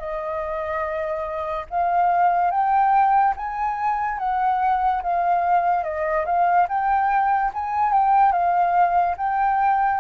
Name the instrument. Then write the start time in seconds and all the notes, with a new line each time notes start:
flute
0.00 D#5
1.70 F5
2.52 G5
3.37 G#5
4.19 F#5
5.03 F5
5.84 D#5
6.26 F5
6.69 G5
7.54 G#5
7.93 G5
8.33 F5
9.18 G5